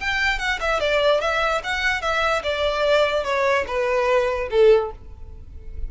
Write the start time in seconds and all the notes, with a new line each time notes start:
0.00 G5
0.39 F#5
0.60 E5
0.80 D5
1.21 E5
1.64 F#5
2.01 E5
2.43 D5
3.24 C#5
3.67 B4
4.50 A4